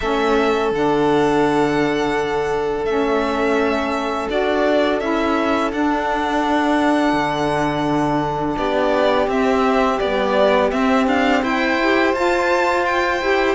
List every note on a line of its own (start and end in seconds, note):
0.00 0.71 A3
0.00 0.73 C#4
0.00 8.57 A4
0.00 0.71 E5
0.71 2.85 D3
0.71 2.86 D4
0.71 2.85 F#5
2.85 4.27 A3
2.85 4.29 C#4
2.85 4.28 E5
4.29 5.01 D4
4.29 5.00 F#4
4.29 5.00 D5
5.00 5.72 C#4
5.00 5.71 E4
5.00 5.71 E5
5.71 9.28 D4
5.71 7.12 D4
5.71 8.57 F#5
7.12 8.55 D3
8.57 9.27 B3
8.57 11.42 G4
8.57 9.28 D5
9.27 9.98 C4
9.27 9.99 C4
9.27 9.99 E5
9.99 10.72 G3
9.99 10.72 B3
9.99 10.70 D5
10.71 11.06 C4
10.71 11.79 C4
10.71 11.06 E5
11.06 11.42 D4
11.06 11.43 F5
11.42 12.13 E4
11.42 13.55 C5
11.42 12.14 G5
11.81 12.15 G4
12.13 13.20 F4
12.13 13.21 F4
12.13 12.85 A5
12.85 13.55 G5
13.21 13.55 E4
13.21 13.55 G4